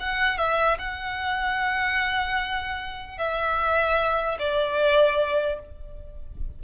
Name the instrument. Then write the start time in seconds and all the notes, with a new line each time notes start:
violin
0.00 F#5
0.38 E5
0.79 F#5
3.18 E5
4.39 D5